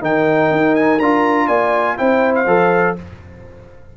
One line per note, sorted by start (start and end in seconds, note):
0.00 0.51 D#3
0.00 0.98 D#4
0.00 1.47 A#4
0.00 0.75 G5
0.51 0.99 D#4
0.75 0.99 G#5
0.99 1.48 D4
0.99 1.97 F4
0.99 1.47 A#5
1.47 1.97 A#3
1.47 1.96 D5
1.47 1.96 G#5
1.97 2.46 C4
1.97 2.46 E4
1.97 2.96 C5
1.97 2.34 G5
2.35 2.96 F5
2.46 2.95 F3
2.46 2.96 A4